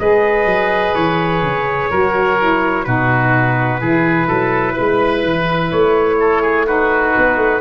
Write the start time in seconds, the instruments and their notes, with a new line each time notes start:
0.00 tuba G#3, saxophone G#4, oboe B4, trumpet D#5
0.46 tuba F#3
0.95 tuba E3, trumpet C#5
1.43 tuba C#3
1.90 tuba F#3, saxophone F#4, oboe A#4
2.40 saxophone E4
2.85 tuba B2, saxophone D#4, oboe F#4, trumpet B4
3.81 tuba E3, saxophone E4, oboe G#4
4.28 tuba F#3, oboe A4
4.73 tuba G#3, oboe B4
5.24 tuba E3
5.72 tuba A3, trumpet C#5
6.20 oboe A4
6.42 oboe G#4
6.66 saxophone D#4, oboe F#4, trumpet B4
7.18 tuba B3
7.37 tuba A3